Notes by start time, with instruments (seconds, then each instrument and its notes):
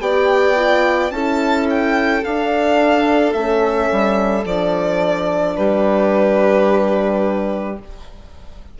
0.00 bassoon B3, horn G4, violin D5 G5
0.56 horn F4
1.11 bassoon C#4, horn E4, violin A4 A5
1.70 violin G5
2.25 bassoon D4, horn D4, violin F5
3.33 bassoon A3, horn C#4, violin E5
3.91 bassoon G3
4.45 bassoon F3, horn D4, violin D5
5.56 bassoon G3, violin G4 B4